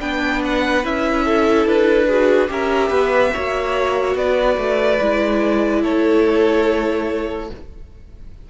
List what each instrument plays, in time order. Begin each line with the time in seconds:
0.00 cello B3, viola D4, violin B4 G5
0.44 violin F#5
0.83 cello C#4, viola E4, violin E5
1.24 violin A4
1.66 cello D4, violin B4
2.07 viola F#4, violin G#4
2.47 cello C#4, viola G4, violin A#4 E5
2.89 cello B3, violin B4
3.33 cello A#3, viola F#4, violin C#5
4.15 cello B3, violin B4 D5
4.57 cello A3
5.00 cello G#3, viola E4
5.82 cello A3, violin A4 C#5